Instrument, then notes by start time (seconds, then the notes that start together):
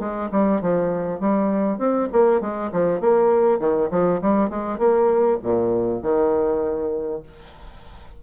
bassoon
0.00 G#3
0.32 G3
0.61 F3
1.20 G3
1.79 C4
2.13 A#3
2.41 G#3
2.73 F3
3.01 A#3
3.60 D#3
3.91 F3
4.22 G3
4.50 G#3
4.79 A#3
5.43 A#2
6.03 D#3